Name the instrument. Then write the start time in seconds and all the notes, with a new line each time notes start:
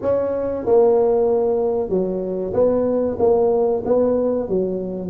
tuba
0.01 C#4
0.65 A#3
1.89 F#3
2.53 B3
3.19 A#3
3.85 B3
4.49 F#3